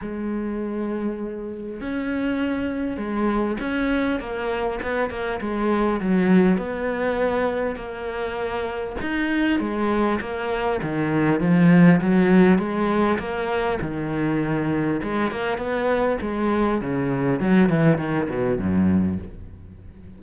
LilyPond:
\new Staff \with { instrumentName = "cello" } { \time 4/4 \tempo 4 = 100 gis2. cis'4~ | cis'4 gis4 cis'4 ais4 | b8 ais8 gis4 fis4 b4~ | b4 ais2 dis'4 |
gis4 ais4 dis4 f4 | fis4 gis4 ais4 dis4~ | dis4 gis8 ais8 b4 gis4 | cis4 fis8 e8 dis8 b,8 fis,4 | }